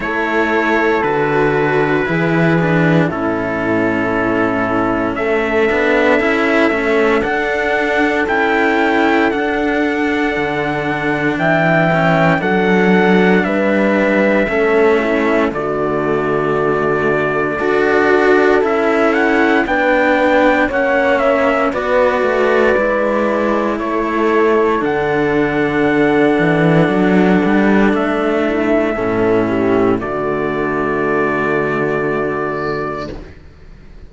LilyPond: <<
  \new Staff \with { instrumentName = "trumpet" } { \time 4/4 \tempo 4 = 58 cis''4 b'2 a'4~ | a'4 e''2 fis''4 | g''4 fis''2 g''4 | fis''4 e''2 d''4~ |
d''2 e''8 fis''8 g''4 | fis''8 e''8 d''2 cis''4 | fis''2. e''4~ | e''4 d''2. | }
  \new Staff \with { instrumentName = "horn" } { \time 4/4 a'2 gis'4 e'4~ | e'4 a'2.~ | a'2. e''4 | a'4 b'4 a'8 e'8 fis'4~ |
fis'4 a'2 b'4 | cis''4 b'2 a'4~ | a'2.~ a'8 e'8 | a'8 g'8 fis'2. | }
  \new Staff \with { instrumentName = "cello" } { \time 4/4 e'4 fis'4 e'8 d'8 cis'4~ | cis'4. d'8 e'8 cis'8 d'4 | e'4 d'2~ d'8 cis'8 | d'2 cis'4 a4~ |
a4 fis'4 e'4 d'4 | cis'4 fis'4 e'2 | d'1 | cis'4 a2. | }
  \new Staff \with { instrumentName = "cello" } { \time 4/4 a4 d4 e4 a,4~ | a,4 a8 b8 cis'8 a8 d'4 | cis'4 d'4 d4 e4 | fis4 g4 a4 d4~ |
d4 d'4 cis'4 b4 | ais4 b8 a8 gis4 a4 | d4. e8 fis8 g8 a4 | a,4 d2. | }
>>